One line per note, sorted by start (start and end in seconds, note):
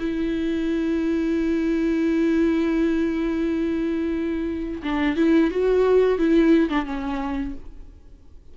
0.00 4.82 E4
4.83 5.17 D4
5.17 5.51 E4
5.51 6.18 F#4
6.18 6.70 E4
6.70 6.86 D4
6.86 7.55 C#4